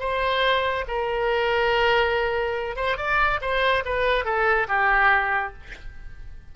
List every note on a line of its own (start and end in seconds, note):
0.00 0.85 C5
0.88 2.76 A#4
2.76 2.98 C5
2.98 3.40 D5
3.42 3.84 C5
3.85 4.25 B4
4.25 4.68 A4
4.68 5.53 G4